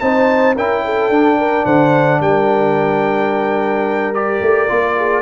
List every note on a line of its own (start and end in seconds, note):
0.00 0.56 C4
0.00 0.57 D#4
0.00 0.56 C5
0.00 0.55 A5
0.56 1.10 C#4
0.56 1.13 E4
0.56 0.83 A#4
0.56 1.66 G5
0.85 1.39 A4
1.10 1.65 D4
1.10 4.15 D4
1.39 1.65 A#4
1.65 2.21 D3
1.65 2.20 C5
1.65 2.21 F#5
2.21 4.41 G3
2.21 4.96 A#4
2.21 4.15 G5
4.15 4.69 G4
4.15 5.22 D5
4.42 4.69 A3
4.69 5.22 A#3
4.69 5.22 F4
4.97 5.22 G#4